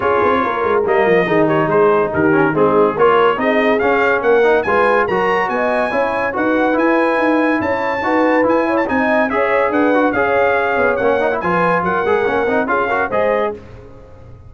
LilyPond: <<
  \new Staff \with { instrumentName = "trumpet" } { \time 4/4 \tempo 4 = 142 cis''2 dis''4. cis''8 | c''4 ais'4 gis'4 cis''4 | dis''4 f''4 fis''4 gis''4 | ais''4 gis''2 fis''4 |
gis''2 a''2 | gis''8. a''16 gis''4 e''4 fis''4 | f''2 fis''4 gis''4 | fis''2 f''4 dis''4 | }
  \new Staff \with { instrumentName = "horn" } { \time 4/4 gis'4 ais'2 gis'8 g'8 | gis'4 g'4 dis'4 ais'4 | gis'2 ais'4 b'4 | ais'4 dis''4 cis''4 b'4~ |
b'2 cis''4 b'4~ | b'8 cis''8 dis''4 cis''4 b'4 | cis''2. b'4 | ais'2 gis'8 ais'8 c''4 | }
  \new Staff \with { instrumentName = "trombone" } { \time 4/4 f'2 ais4 dis'4~ | dis'4. cis'8 c'4 f'4 | dis'4 cis'4. dis'8 f'4 | fis'2 e'4 fis'4 |
e'2. fis'4 | e'4 dis'4 gis'4. fis'8 | gis'2 cis'8 dis'16 e'16 f'4~ | f'8 gis'8 cis'8 dis'8 f'8 fis'8 gis'4 | }
  \new Staff \with { instrumentName = "tuba" } { \time 4/4 cis'8 c'8 ais8 gis8 g8 f8 dis4 | gis4 dis4 gis4 ais4 | c'4 cis'4 ais4 gis4 | fis4 b4 cis'4 dis'4 |
e'4 dis'4 cis'4 dis'4 | e'4 c'4 cis'4 d'4 | cis'4. b8 ais4 f4 | fis8 gis8 ais8 c'8 cis'4 gis4 | }
>>